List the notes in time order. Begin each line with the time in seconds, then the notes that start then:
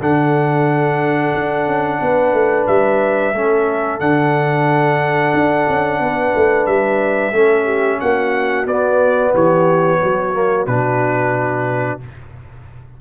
0.00 D3 D4 A4 F#5
1.34 D4
1.67 C#4
2.01 B3 B4
2.33 A3
2.67 G3 E5
3.33 A3 C#4 A4
4.00 D3 D4 F#5
5.34 D4
5.69 C#4
6.00 B3 B4
6.36 A3
6.66 G3 E5
7.32 A3 C#4 A4
7.65 G4
8.00 A#3 F#4 F#5
8.66 B3 D5
9.32 E3 G4 C#5
10.00 F#3 F#4
10.34 A#3
10.66 B2 D4 B4